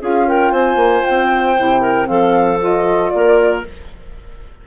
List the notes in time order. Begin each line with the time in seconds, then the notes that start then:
0.00 C#4 F4 G#4 F5
0.28 A#4 G5
0.52 C4 C5 G#5
0.75 A#3
1.05 C4 G5
1.56 C3 E4
1.81 A#4
2.05 F3 C4 A4 F5
2.60 F4 D#5
3.09 A#3 A#4 D5